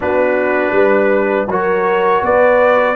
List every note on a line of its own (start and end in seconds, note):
0.00 0.71 B3
0.00 1.48 D4
0.00 0.73 F#4
0.00 1.49 B4
0.71 1.45 G3
0.71 1.48 B4
1.47 2.21 F#3
1.47 2.95 F#4
1.47 2.24 A#4
1.47 2.24 C#5
2.22 2.95 B3
2.22 2.95 B4
2.22 2.95 D5